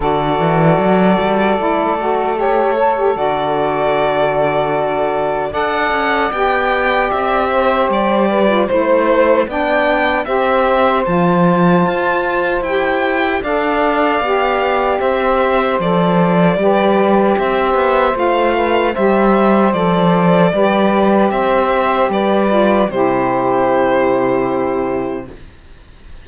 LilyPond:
<<
  \new Staff \with { instrumentName = "violin" } { \time 4/4 \tempo 4 = 76 d''2. cis''4 | d''2. fis''4 | g''4 e''4 d''4 c''4 | g''4 e''4 a''2 |
g''4 f''2 e''4 | d''2 e''4 f''4 | e''4 d''2 e''4 | d''4 c''2. | }
  \new Staff \with { instrumentName = "saxophone" } { \time 4/4 a'1~ | a'2. d''4~ | d''4. c''4 b'8 c''4 | d''4 c''2.~ |
c''4 d''2 c''4~ | c''4 b'4 c''4. b'8 | c''2 b'4 c''4 | b'4 g'2. | }
  \new Staff \with { instrumentName = "saxophone" } { \time 4/4 fis'2 e'8 fis'8 g'8 a'16 g'16 | fis'2. a'4 | g'2~ g'8. f'16 e'4 | d'4 g'4 f'2 |
g'4 a'4 g'2 | a'4 g'2 f'4 | g'4 a'4 g'2~ | g'8 f'8 e'2. | }
  \new Staff \with { instrumentName = "cello" } { \time 4/4 d8 e8 fis8 g8 a2 | d2. d'8 cis'8 | b4 c'4 g4 a4 | b4 c'4 f4 f'4 |
e'4 d'4 b4 c'4 | f4 g4 c'8 b8 a4 | g4 f4 g4 c'4 | g4 c2. | }
>>